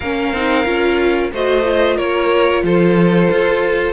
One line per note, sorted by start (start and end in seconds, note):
0.00 0.32 A#3
0.00 0.36 C#4
0.00 1.32 A#4
0.00 1.31 F5
0.32 0.65 C4
0.32 0.65 D#4
0.65 1.31 C#4
0.65 1.30 F4
1.32 1.98 A3
1.32 1.63 F#4
1.32 1.96 C5
1.32 1.97 D#5
1.63 3.92 F4
1.96 2.63 A#3
1.96 2.62 A#4
1.96 2.63 C#5
2.63 3.29 F3
2.63 3.92 A4
2.63 3.92 C5
3.30 3.92 F4